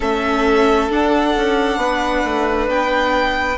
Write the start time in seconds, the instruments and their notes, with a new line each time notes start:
0.00 bassoon A3, viola C#4, violin A4 E5
0.89 viola D4, bassoon D4, violin F#5
1.36 bassoon C#4
1.76 bassoon B3, violin B4
2.24 bassoon A3
2.67 bassoon B3, violin G5